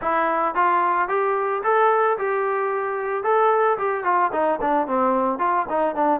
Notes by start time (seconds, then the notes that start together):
0.01 E4
0.54 F4
1.08 G4
1.63 A4
2.18 G4
3.23 A4
3.77 G4
4.04 F4
4.32 D#4
4.61 D4
4.87 C4
5.39 F4
5.69 D#4
5.95 D4